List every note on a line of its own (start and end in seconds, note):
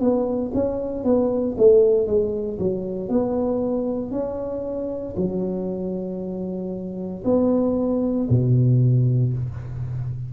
0.00 0.52 B3
0.55 1.04 C#4
1.04 1.56 B3
1.58 2.07 A3
2.07 2.59 G#3
2.59 3.09 F#3
3.09 4.11 B3
4.11 5.15 C#4
5.17 7.24 F#3
7.25 8.28 B3
8.30 9.33 B2